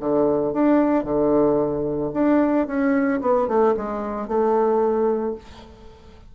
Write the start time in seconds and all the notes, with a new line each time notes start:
0.00 D3
0.53 D4
1.04 D3
2.14 D4
2.67 C#4
3.21 B3
3.48 A3
3.77 G#3
4.28 A3